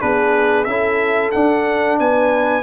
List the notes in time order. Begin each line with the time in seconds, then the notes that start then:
0.00 B3 D4 G#4 B4
0.64 C#4 E4 A4 E5
1.32 D4 F#5
1.99 B3 B4 G#5